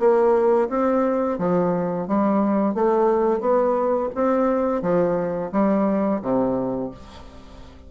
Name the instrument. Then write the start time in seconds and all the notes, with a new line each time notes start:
bassoon
0.00 A#3
0.70 C4
1.39 F3
2.08 G3
2.75 A3
3.41 B3
4.15 C4
4.82 F3
5.52 G3
6.22 C3